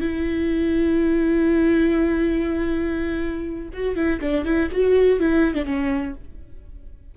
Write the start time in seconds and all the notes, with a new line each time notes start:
0.00 E4
3.73 F#4
3.95 E4
4.20 D4
4.45 E4
4.71 F#4
5.19 E4
5.54 D4
5.65 C#4